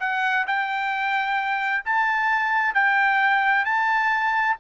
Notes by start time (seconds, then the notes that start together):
0.00 F#5
0.47 G5
1.85 A5
2.75 G5
3.65 A5